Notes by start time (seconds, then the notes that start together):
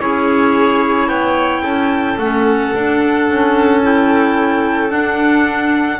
0.00 C#4 E4 G#4 C#5
1.08 B3 C#5 G5
1.62 C#4 A4
2.18 A3 C#4 F#5
2.75 D4
3.30 C#4
3.82 E4 G5
4.90 D4 F#5